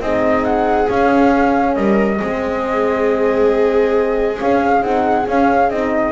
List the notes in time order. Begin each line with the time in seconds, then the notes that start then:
0.00 C4 D#4 G#4 D#5
0.44 F#5
0.89 C#4 F5
1.74 G3 A#4 D#5
2.19 G#3 C4 G#4
4.35 C#4 F5
4.42 C#4
4.81 C4 D#4 F#5
5.27 C#4 F5
5.69 C4 D#4 D#5